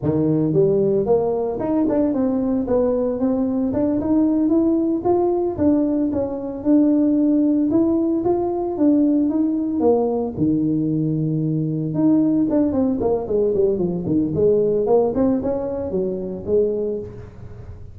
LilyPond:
\new Staff \with { instrumentName = "tuba" } { \time 4/4 \tempo 4 = 113 dis4 g4 ais4 dis'8 d'8 | c'4 b4 c'4 d'8 dis'8~ | dis'8 e'4 f'4 d'4 cis'8~ | cis'8 d'2 e'4 f'8~ |
f'8 d'4 dis'4 ais4 dis8~ | dis2~ dis8 dis'4 d'8 | c'8 ais8 gis8 g8 f8 dis8 gis4 | ais8 c'8 cis'4 fis4 gis4 | }